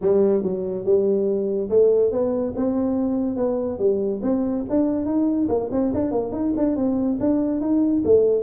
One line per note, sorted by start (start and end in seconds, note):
0.01 0.42 G3
0.42 0.84 F#3
0.84 1.69 G3
1.69 2.11 A3
2.11 2.53 B3
2.56 3.36 C4
3.36 3.78 B3
3.78 4.21 G3
4.22 4.64 C4
4.69 5.05 D4
5.05 5.47 D#4
5.48 5.69 A#3
5.71 5.92 C4
5.93 6.11 D4
6.11 6.32 A#3
6.32 6.53 D#4
6.56 6.76 D4
6.76 7.18 C4
7.20 7.60 D4
7.60 8.02 D#4
8.05 8.42 A3